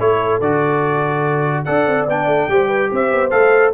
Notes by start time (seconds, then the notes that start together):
0.00 A3 E4 A4 C#5
0.41 D3 F#4 D5
1.65 D4 A4 D5 F#5
1.87 C4
2.07 B3 D4 G5
2.27 A3
2.49 G3 G4 C5
2.68 B4
2.92 C4 C5 E5
3.12 B3
3.31 A3 A4 F5